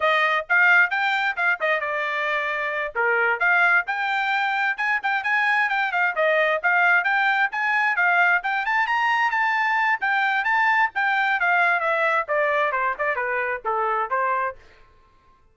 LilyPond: \new Staff \with { instrumentName = "trumpet" } { \time 4/4 \tempo 4 = 132 dis''4 f''4 g''4 f''8 dis''8 | d''2~ d''8 ais'4 f''8~ | f''8 g''2 gis''8 g''8 gis''8~ | gis''8 g''8 f''8 dis''4 f''4 g''8~ |
g''8 gis''4 f''4 g''8 a''8 ais''8~ | ais''8 a''4. g''4 a''4 | g''4 f''4 e''4 d''4 | c''8 d''8 b'4 a'4 c''4 | }